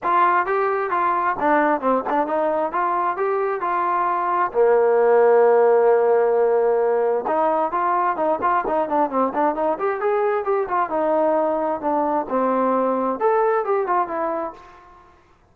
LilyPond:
\new Staff \with { instrumentName = "trombone" } { \time 4/4 \tempo 4 = 132 f'4 g'4 f'4 d'4 | c'8 d'8 dis'4 f'4 g'4 | f'2 ais2~ | ais1 |
dis'4 f'4 dis'8 f'8 dis'8 d'8 | c'8 d'8 dis'8 g'8 gis'4 g'8 f'8 | dis'2 d'4 c'4~ | c'4 a'4 g'8 f'8 e'4 | }